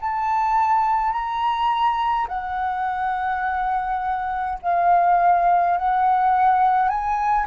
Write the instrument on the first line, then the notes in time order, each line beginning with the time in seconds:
flute
0.00 A5
1.12 A#5
2.28 F#5
4.62 F5
5.77 F#5
6.88 G#5